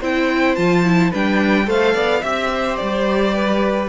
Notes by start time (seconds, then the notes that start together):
0.00 C4 E4 C5 G5
0.55 F3 F4 A5
0.85 E4
1.10 G3 D4 B4 G5
1.66 A3 A4 C5 F5
1.94 B3 D5
2.21 C4 G4 E5
2.54 C5
2.76 G3 D5
3.35 B4